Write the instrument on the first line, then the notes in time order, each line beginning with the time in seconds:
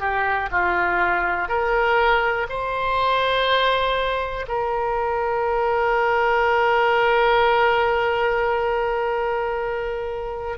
oboe
0.00 G4
0.51 F4
1.48 A#4
2.49 C5
4.48 A#4